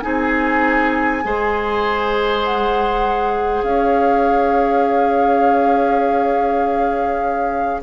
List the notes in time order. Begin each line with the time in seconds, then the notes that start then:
0.00 C4 D#4 G#4 G#5
1.24 G#3 G#4 C5
2.44 F#5
3.62 C#4 C#5 F5